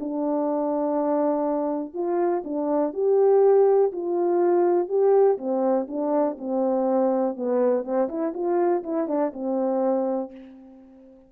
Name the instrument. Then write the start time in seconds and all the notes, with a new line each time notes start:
horn
0.00 D4
1.94 F4
2.45 D4
2.94 G4
3.93 F4
4.88 G4
5.38 C4
5.88 D4
6.39 C4
7.37 B3
7.84 C4
8.09 E4
8.34 F4
8.83 E4
9.08 D4
9.34 C4